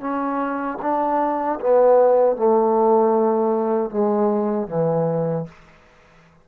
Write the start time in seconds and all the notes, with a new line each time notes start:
0.00 C#4
0.81 D4
1.60 B3
2.36 A3
3.90 G#3
4.67 E3